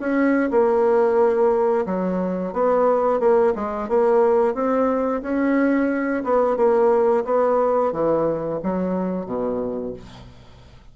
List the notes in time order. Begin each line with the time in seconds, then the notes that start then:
0.00 C#4
0.51 A#3
1.86 F#3
2.53 B3
3.20 A#3
3.55 G#3
3.89 A#3
4.55 C4
5.23 C#4
6.24 B3
6.57 A#3
7.25 B3
7.93 E3
8.63 F#3
9.26 B2